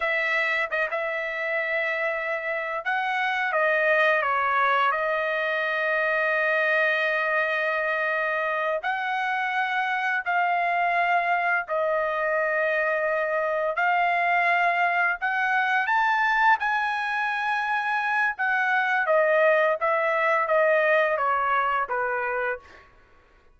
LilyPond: \new Staff \with { instrumentName = "trumpet" } { \time 4/4 \tempo 4 = 85 e''4 dis''16 e''2~ e''8. | fis''4 dis''4 cis''4 dis''4~ | dis''1~ | dis''8 fis''2 f''4.~ |
f''8 dis''2. f''8~ | f''4. fis''4 a''4 gis''8~ | gis''2 fis''4 dis''4 | e''4 dis''4 cis''4 b'4 | }